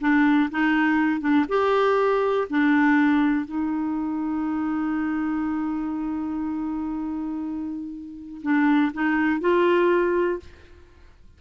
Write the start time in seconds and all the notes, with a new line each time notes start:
0.00 D4
0.50 D#4
1.20 D4
1.48 G4
2.49 D4
3.45 D#4
8.42 D4
8.93 D#4
9.40 F4